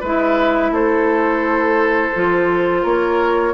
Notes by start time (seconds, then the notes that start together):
0.00 G#3 E4 B4 E5
0.71 A3 A4 C5
2.15 F3 F4
2.82 A#3 A#4 C#5